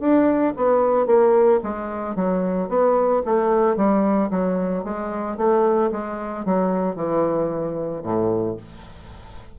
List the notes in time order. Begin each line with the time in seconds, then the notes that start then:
0.00 D4
0.56 B3
1.07 A#3
1.63 G#3
2.16 F#3
2.69 B3
3.25 A3
3.77 G3
4.31 F#3
4.84 G#3
5.37 A3
5.92 G#3
6.45 F#3
6.96 E3
8.03 A2